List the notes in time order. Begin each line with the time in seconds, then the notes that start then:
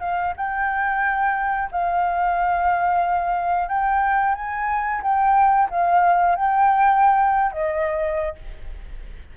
0.00 F5
0.36 G5
1.72 F5
3.68 G5
4.35 G#5
5.02 G5
5.70 F5
6.35 G5
7.52 D#5